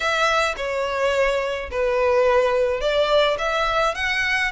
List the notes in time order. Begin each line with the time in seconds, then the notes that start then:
0.00 E5
0.56 C#5
1.71 B4
2.80 D5
3.38 E5
3.95 F#5